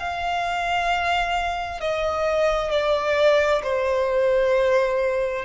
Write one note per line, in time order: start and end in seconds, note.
0.00 1.81 F5
1.81 2.71 D#5
2.71 3.62 D5
3.64 5.45 C5